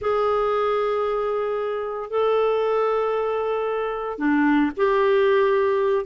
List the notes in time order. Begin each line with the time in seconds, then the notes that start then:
0.01 G#4
2.10 A4
4.18 D4
4.77 G4